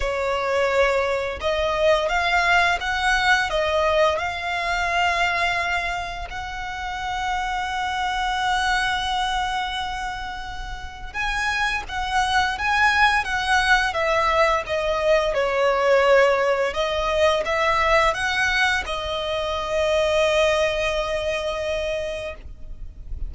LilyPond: \new Staff \with { instrumentName = "violin" } { \time 4/4 \tempo 4 = 86 cis''2 dis''4 f''4 | fis''4 dis''4 f''2~ | f''4 fis''2.~ | fis''1 |
gis''4 fis''4 gis''4 fis''4 | e''4 dis''4 cis''2 | dis''4 e''4 fis''4 dis''4~ | dis''1 | }